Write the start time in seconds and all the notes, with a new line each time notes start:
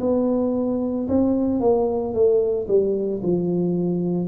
0.00 B3
1.08 C4
1.60 A#3
2.13 A3
2.67 G3
3.22 F3